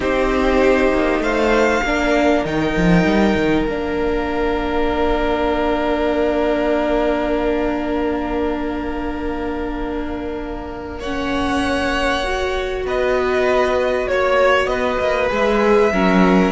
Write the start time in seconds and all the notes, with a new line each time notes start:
0.00 C4 D#4 G4 C5
0.92 A#3
1.19 A3 C5 F5
1.83 A#3 D4 A#4
2.44 D#3 D#4 G5
2.77 F3
3.04 G3
3.35 D#3
3.66 A#3 D4 F5
10.99 C#4 C#5 F#5
12.23 F#4
12.85 B3 B4 D#5
14.07 A#3 C#5
14.66 B3 B4 D#5
14.99 A#3
15.28 G#3 G#4 E5
15.92 F#3 C#4 A#4